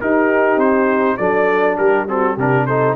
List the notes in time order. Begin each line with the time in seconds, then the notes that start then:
0.00 D#4 G4 A#4
0.56 C4 C5
1.17 F#3 D4 A4 D5
1.77 G3 G4 A#4
2.08 C4 F#4 A4
2.35 C3 D4 G4 A#4
2.67 D#4 A4 C5